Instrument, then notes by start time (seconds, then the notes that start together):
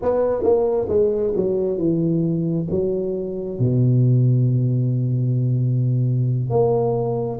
tuba
0.02 B3
0.43 A#3
0.88 G#3
1.36 F#3
1.77 E3
2.70 F#3
3.59 B2
6.50 A#3